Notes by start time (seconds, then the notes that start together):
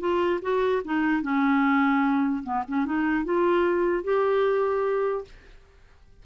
0.00 F4
0.42 F#4
0.85 D#4
1.22 C#4
2.43 B3
2.68 C#4
2.86 D#4
3.25 F4
4.04 G4